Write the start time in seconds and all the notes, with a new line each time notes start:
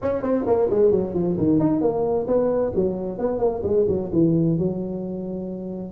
0.02 C#4
0.22 C4
0.46 A#3
0.70 G#3
0.91 F#3
1.13 F3
1.37 D#3
1.59 D#4
1.81 A#3
2.27 B3
2.75 F#3
3.18 B3
3.38 A#3
3.63 G#3
3.88 F#3
4.13 E3
4.58 F#3